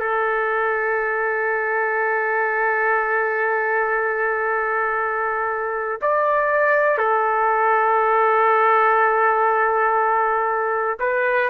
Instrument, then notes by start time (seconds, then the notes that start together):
trumpet
0.00 A4
6.01 D5
6.98 A4
11.00 B4